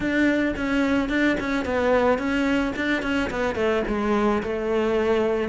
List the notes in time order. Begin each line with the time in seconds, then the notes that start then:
0.00 D4
0.56 C#4
1.09 D4
1.40 C#4
1.65 B3
2.18 C#4
2.76 D4
3.02 C#4
3.30 B3
3.55 A3
3.87 G#3
4.42 A3